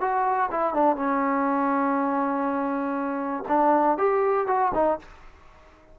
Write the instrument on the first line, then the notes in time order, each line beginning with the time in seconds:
trombone
0.00 F#4
0.51 E4
0.73 D4
0.96 C#4
3.48 D4
3.98 G4
4.47 F#4
4.74 D#4